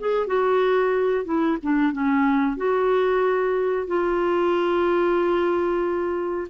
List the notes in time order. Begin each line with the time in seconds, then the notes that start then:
0.00 G#4
0.28 F#4
1.25 E4
1.63 D4
1.93 C#4
2.58 F#4
3.88 F4